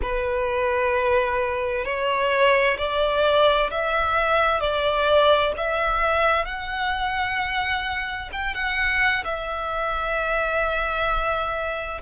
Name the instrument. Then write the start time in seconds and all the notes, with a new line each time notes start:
violin
0.02 B4
1.85 C#5
2.78 D5
3.70 E5
4.60 D5
5.57 E5
6.45 F#5
8.32 G5
8.54 F#5
9.24 E5